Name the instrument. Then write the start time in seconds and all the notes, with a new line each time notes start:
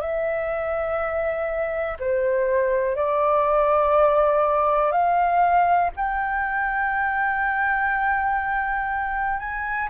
flute
0.00 E5
1.99 C5
2.95 D5
4.91 F5
5.96 G5
9.39 G#5